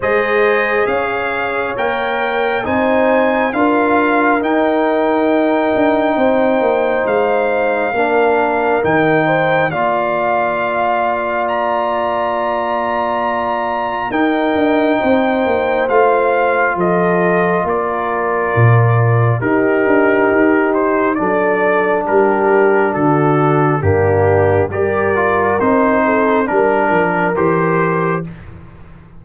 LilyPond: <<
  \new Staff \with { instrumentName = "trumpet" } { \time 4/4 \tempo 4 = 68 dis''4 f''4 g''4 gis''4 | f''4 g''2. | f''2 g''4 f''4~ | f''4 ais''2. |
g''2 f''4 dis''4 | d''2 ais'4. c''8 | d''4 ais'4 a'4 g'4 | d''4 c''4 ais'4 c''4 | }
  \new Staff \with { instrumentName = "horn" } { \time 4/4 c''4 cis''2 c''4 | ais'2. c''4~ | c''4 ais'4. c''8 d''4~ | d''1 |
ais'4 c''2 a'4 | ais'2 g'2 | a'4 g'4 fis'4 d'4 | ais'4. a'8 ais'2 | }
  \new Staff \with { instrumentName = "trombone" } { \time 4/4 gis'2 ais'4 dis'4 | f'4 dis'2.~ | dis'4 d'4 dis'4 f'4~ | f'1 |
dis'2 f'2~ | f'2 dis'2 | d'2. ais4 | g'8 f'8 dis'4 d'4 g'4 | }
  \new Staff \with { instrumentName = "tuba" } { \time 4/4 gis4 cis'4 ais4 c'4 | d'4 dis'4. d'8 c'8 ais8 | gis4 ais4 dis4 ais4~ | ais1 |
dis'8 d'8 c'8 ais8 a4 f4 | ais4 ais,4 dis'8 d'8 dis'4 | fis4 g4 d4 g,4 | g4 c'4 g8 f8 e4 | }
>>